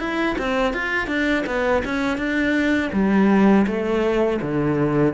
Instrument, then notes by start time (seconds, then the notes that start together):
cello
0.00 E4
0.39 C4
0.74 F4
1.08 D4
1.47 B3
1.85 C#4
2.18 D4
2.93 G3
3.67 A3
4.42 D3